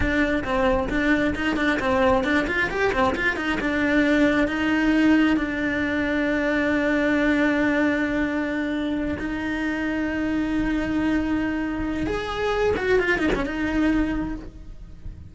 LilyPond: \new Staff \with { instrumentName = "cello" } { \time 4/4 \tempo 4 = 134 d'4 c'4 d'4 dis'8 d'8 | c'4 d'8 f'8 g'8 c'8 f'8 dis'8 | d'2 dis'2 | d'1~ |
d'1~ | d'8 dis'2.~ dis'8~ | dis'2. gis'4~ | gis'8 fis'8 f'8 dis'16 cis'16 dis'2 | }